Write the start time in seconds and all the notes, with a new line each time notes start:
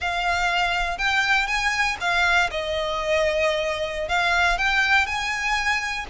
0.00 F5
0.97 G5
1.47 G#5
2.00 F5
2.50 D#5
4.08 F5
4.58 G5
5.06 G#5